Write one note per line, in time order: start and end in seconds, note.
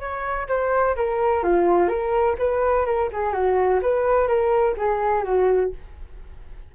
0.00 0.48 C#5
0.48 0.96 C5
0.96 1.43 A#4
1.43 1.88 F4
1.88 2.36 A#4
2.38 2.85 B4
2.85 3.09 A#4
3.12 3.33 G#4
3.33 3.80 F#4
3.82 4.28 B4
4.28 4.75 A#4
4.77 5.24 G#4
5.24 5.71 F#4